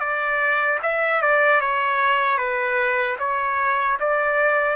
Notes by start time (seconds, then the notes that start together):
0.00 D5
0.83 E5
1.22 D5
1.61 C#5
2.38 B4
3.19 C#5
4.00 D5